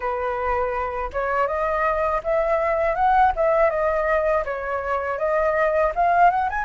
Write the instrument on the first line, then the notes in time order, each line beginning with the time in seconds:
flute
0.00 B4
1.12 C#5
1.47 D#5
2.23 E5
2.95 F#5
3.36 E5
3.70 D#5
4.44 C#5
5.18 D#5
5.95 F5
6.30 F#5
6.49 G#5